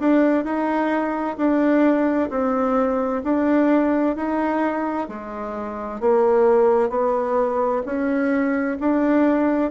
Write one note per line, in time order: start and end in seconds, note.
0.00 0.45 D4
0.45 1.37 D#4
1.38 2.30 D4
2.30 3.23 C4
3.24 4.16 D4
4.16 5.09 D#4
5.09 6.01 G#3
6.01 6.90 A#3
6.90 7.83 B3
7.86 8.78 C#4
8.80 9.71 D4